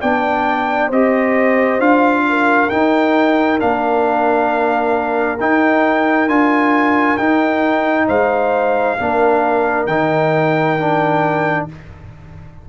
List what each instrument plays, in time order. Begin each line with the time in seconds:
0.00 tuba B3, trombone D4, horn D5, trumpet G5
0.88 tuba C4, trombone G4, horn C5, trumpet D#5
1.79 tuba D4, trombone F4, trumpet F5
2.29 horn A#4
2.70 trombone D#4, tuba D#4, trumpet G5
3.59 tuba A#3, trombone D4, trumpet F5
5.40 tuba D#4, trombone D#4, trumpet G5
6.28 tuba D4, trombone F4, trumpet G#5
7.18 tuba D#4, trombone D#4, trumpet G5
8.07 tuba G#3, horn C5, trumpet F5
8.99 tuba A#3, trombone D4, horn A#4
9.87 tuba D#3, trombone D#4, trumpet G5
10.79 trombone D4